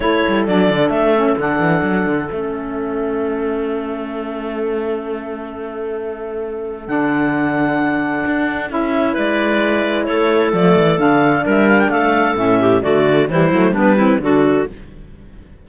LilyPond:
<<
  \new Staff \with { instrumentName = "clarinet" } { \time 4/4 \tempo 4 = 131 cis''4 d''4 e''4 fis''4~ | fis''4 e''2.~ | e''1~ | e''2. fis''4~ |
fis''2. e''4 | d''2 cis''4 d''4 | f''4 e''8 f''16 g''16 f''4 e''4 | d''4 c''4 b'4 a'4 | }
  \new Staff \with { instrumentName = "clarinet" } { \time 4/4 a'1~ | a'1~ | a'1~ | a'1~ |
a'1 | b'2 a'2~ | a'4 ais'4 a'4. g'8 | fis'4 e'4 d'8 e'8 fis'4 | }
  \new Staff \with { instrumentName = "saxophone" } { \time 4/4 e'4 d'4. cis'8 d'4~ | d'4 cis'2.~ | cis'1~ | cis'2. d'4~ |
d'2. e'4~ | e'2. a4 | d'2. cis'4 | a4 g8 a8 b8 c'8 d'4 | }
  \new Staff \with { instrumentName = "cello" } { \time 4/4 a8 g8 fis8 d8 a4 d8 e8 | fis8 d8 a2.~ | a1~ | a2. d4~ |
d2 d'4 cis'4 | gis2 a4 f8 e8 | d4 g4 a4 a,4 | d4 e8 fis8 g4 d4 | }
>>